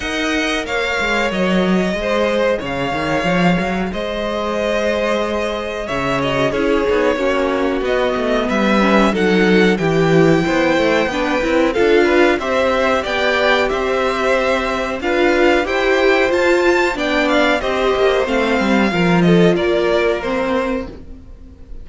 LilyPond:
<<
  \new Staff \with { instrumentName = "violin" } { \time 4/4 \tempo 4 = 92 fis''4 f''4 dis''2 | f''2 dis''2~ | dis''4 e''8 dis''8 cis''2 | dis''4 e''4 fis''4 g''4~ |
g''2 f''4 e''4 | g''4 e''2 f''4 | g''4 a''4 g''8 f''8 dis''4 | f''4. dis''8 d''4 c''4 | }
  \new Staff \with { instrumentName = "violin" } { \time 4/4 dis''4 cis''2 c''4 | cis''2 c''2~ | c''4 cis''4 gis'4 fis'4~ | fis'4 b'4 a'4 g'4 |
c''4 b'4 a'8 b'8 c''4 | d''4 c''2 b'4 | c''2 d''4 c''4~ | c''4 ais'8 a'8 ais'2 | }
  \new Staff \with { instrumentName = "viola" } { \time 4/4 ais'2. gis'4~ | gis'1~ | gis'4. fis'8 e'8 dis'8 cis'4 | b4. cis'8 dis'4 e'4~ |
e'4 d'8 e'8 f'4 g'4~ | g'2. f'4 | g'4 f'4 d'4 g'4 | c'4 f'2 c'4 | }
  \new Staff \with { instrumentName = "cello" } { \time 4/4 dis'4 ais8 gis8 fis4 gis4 | cis8 dis8 f8 fis8 gis2~ | gis4 cis4 cis'8 b8 ais4 | b8 a8 g4 fis4 e4 |
b8 a8 b8 c'8 d'4 c'4 | b4 c'2 d'4 | e'4 f'4 b4 c'8 ais8 | a8 g8 f4 ais2 | }
>>